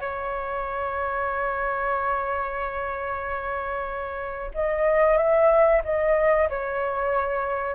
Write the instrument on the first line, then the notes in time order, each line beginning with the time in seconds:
flute
0.00 C#5
4.54 D#5
5.18 E5
5.84 D#5
6.50 C#5